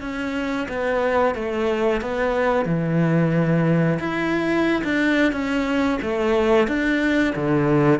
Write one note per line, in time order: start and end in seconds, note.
0.00 0.67 C#4
0.68 1.34 B3
1.34 2.01 A3
2.01 2.65 B3
2.65 3.98 E3
3.99 4.82 E4
4.84 5.32 D4
5.32 5.98 C#4
6.02 6.67 A3
6.67 7.34 D4
7.35 7.99 D3